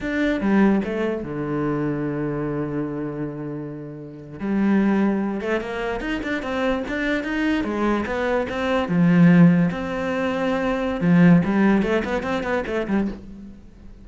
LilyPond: \new Staff \with { instrumentName = "cello" } { \time 4/4 \tempo 4 = 147 d'4 g4 a4 d4~ | d1~ | d2~ d8. g4~ g16~ | g4~ g16 a8 ais4 dis'8 d'8 c'16~ |
c'8. d'4 dis'4 gis4 b16~ | b8. c'4 f2 c'16~ | c'2. f4 | g4 a8 b8 c'8 b8 a8 g8 | }